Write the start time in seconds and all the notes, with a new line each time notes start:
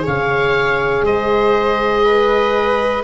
0.00 G#4 C#5
0.07 C#3 F5
1.02 G#3 C5 D#5
2.04 B4